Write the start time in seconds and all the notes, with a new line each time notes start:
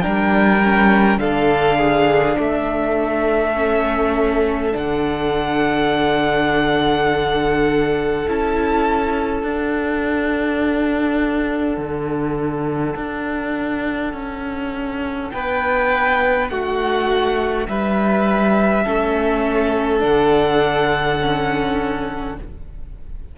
0.00 G3 D4 A#4 G5
0.63 C#4
1.18 D3 D4 A4 F5
1.78 G#4
2.38 A3 A4 E5
3.54 C#4
4.72 D3 D4 F#5
8.27 C#4 E4 A5
9.43 D4 F#5
11.77 D3
12.95 D4
14.13 C#4
15.31 B3 B4 G5
16.49 A3 F#4 F#5
17.68 G3 B4 E5
18.83 A3 C#4 A4
19.99 D3 D4 F#5
21.21 C#4